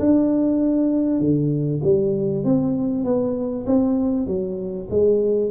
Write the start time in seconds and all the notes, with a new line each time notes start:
0.00 D4
1.20 D3
1.84 G3
2.45 C4
3.05 B3
3.67 C4
4.27 F#3
4.90 G#3